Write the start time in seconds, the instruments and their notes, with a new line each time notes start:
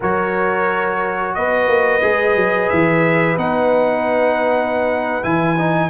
0.00 tuba F#3, trombone F#4, horn A#4, trumpet C#5
1.34 tuba B3, horn B4, trumpet D#5
1.68 tuba A#3
2.01 tuba G#3, trombone G#4
2.35 tuba F#3
2.69 tuba E3, trumpet E5
3.37 tuba B3, trombone D#4, trumpet F#5
5.22 tuba E3, trombone E4, trumpet G#5
5.57 trombone D#4